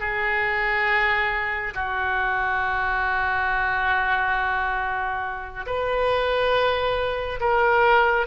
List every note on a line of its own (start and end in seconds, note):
0.00 1.74 G#4
1.74 5.66 F#4
5.66 7.40 B4
7.40 8.26 A#4